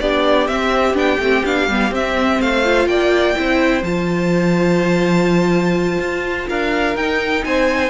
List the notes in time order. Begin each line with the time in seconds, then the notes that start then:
0.00 B3 D4 G4 D5
0.47 C4 E5
0.94 B3 D4 G5
1.19 A3 C4
1.45 B3 D4 F5
1.68 G3 B3
1.91 C4 E5
2.40 A3 C5 F5
2.65 F4
2.87 A#3 D5 G5
3.35 C4 E4 C5
3.83 F3 F4 A5
5.99 F4
6.49 D4 A#4 F5
6.96 D#4 G5
7.44 C4 C5 G#5